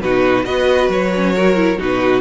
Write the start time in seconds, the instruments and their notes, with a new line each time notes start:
0.00 cello B2, viola D#4, violin F#4 B4
0.44 cello B3, viola F#4, violin B4 D#5
0.88 cello F#3, violin C#5
1.14 viola C#4
1.35 viola F#4, violin A#4
1.55 viola E4
1.78 cello B2, viola D#4, violin F#4 B4